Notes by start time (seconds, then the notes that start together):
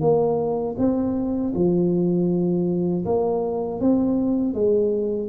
0.00 A#3
0.78 C4
1.54 F3
3.05 A#3
3.80 C4
4.53 G#3